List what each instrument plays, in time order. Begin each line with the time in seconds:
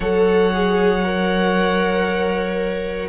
0.00 cello F#3, viola A4, violin C#5 F#5
0.53 viola G#4
1.03 viola A#4